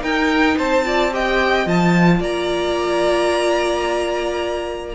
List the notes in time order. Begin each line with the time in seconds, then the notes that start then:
0.00 D#4 A#4 G5
0.57 C4 C5 A5
0.84 F4 D5
1.12 G4 D#5 G5
1.65 F3 F4 A5
2.20 A#3 D5 A#5